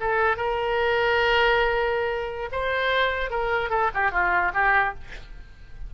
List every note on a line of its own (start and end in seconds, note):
0.00 0.36 A4
0.36 2.49 A#4
2.52 3.30 C5
3.30 3.70 A#4
3.70 3.90 A4
3.94 4.11 G4
4.11 4.52 F4
4.54 4.94 G4